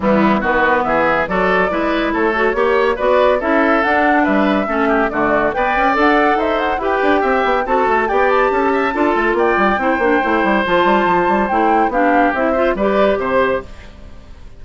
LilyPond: <<
  \new Staff \with { instrumentName = "flute" } { \time 4/4 \tempo 4 = 141 e'4 b'4 e''4 d''4~ | d''4 cis''2 d''4 | e''4 fis''4 e''2 | d''4 g''4 fis''4 e''8 fis''8 |
g''2 a''4 g''8 a''8~ | a''2 g''2~ | g''4 a''2 g''4 | f''4 e''4 d''4 c''4 | }
  \new Staff \with { instrumentName = "oboe" } { \time 4/4 b4 fis'4 gis'4 a'4 | b'4 a'4 cis''4 b'4 | a'2 b'4 a'8 g'8 | fis'4 d''2 c''4 |
b'4 e''4 a'4 d''4 | a'8 e''8 a'4 d''4 c''4~ | c''1 | g'4. c''8 b'4 c''4 | }
  \new Staff \with { instrumentName = "clarinet" } { \time 4/4 g4 b2 fis'4 | e'4. fis'8 g'4 fis'4 | e'4 d'2 cis'4 | a4 b'4 a'2 |
g'2 fis'4 g'4~ | g'4 f'2 e'8 d'8 | e'4 f'2 e'4 | d'4 e'8 f'8 g'2 | }
  \new Staff \with { instrumentName = "bassoon" } { \time 4/4 e4 dis4 e4 fis4 | gis4 a4 ais4 b4 | cis'4 d'4 g4 a4 | d4 b8 cis'8 d'4 dis'4 |
e'8 d'8 c'8 b8 c'8 a8 b4 | cis'4 d'8 a8 ais8 g8 c'8 ais8 | a8 g8 f8 g8 f8 g8 a4 | b4 c'4 g4 c4 | }
>>